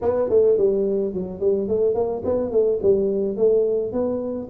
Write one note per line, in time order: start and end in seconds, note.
0.01 0.29 B3
0.29 0.57 A3
0.57 1.13 G3
1.13 1.39 F#3
1.39 1.67 G3
1.68 1.94 A3
1.94 2.22 A#3
2.24 2.51 B3
2.51 2.79 A3
2.82 3.36 G3
3.36 3.92 A3
3.92 4.48 B3